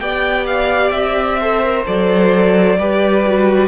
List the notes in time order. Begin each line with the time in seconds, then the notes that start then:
0.00 B3 G4 D5 G5
0.47 F5
0.91 C4 E5
1.41 A4 C5
1.64 A#4
1.86 F#3 A4 D5
2.78 G3 G4 B4
3.26 F#4